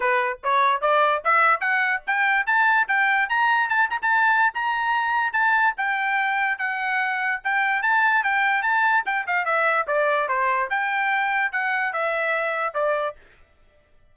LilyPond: \new Staff \with { instrumentName = "trumpet" } { \time 4/4 \tempo 4 = 146 b'4 cis''4 d''4 e''4 | fis''4 g''4 a''4 g''4 | ais''4 a''8 ais''16 a''4~ a''16 ais''4~ | ais''4 a''4 g''2 |
fis''2 g''4 a''4 | g''4 a''4 g''8 f''8 e''4 | d''4 c''4 g''2 | fis''4 e''2 d''4 | }